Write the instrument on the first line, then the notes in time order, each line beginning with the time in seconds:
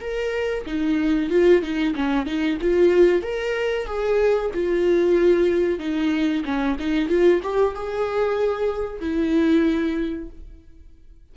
viola
0.00 A#4
0.65 D#4
1.30 F4
1.62 D#4
1.95 C#4
2.26 D#4
2.61 F4
3.22 A#4
3.86 G#4
4.54 F4
5.79 D#4
6.44 C#4
6.79 D#4
7.08 F4
7.43 G4
7.74 G#4
9.00 E4